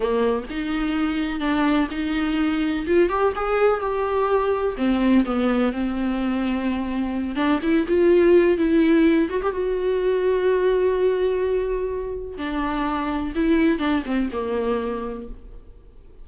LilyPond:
\new Staff \with { instrumentName = "viola" } { \time 4/4 \tempo 4 = 126 ais4 dis'2 d'4 | dis'2 f'8 g'8 gis'4 | g'2 c'4 b4 | c'2.~ c'8 d'8 |
e'8 f'4. e'4. fis'16 g'16 | fis'1~ | fis'2 d'2 | e'4 d'8 c'8 ais2 | }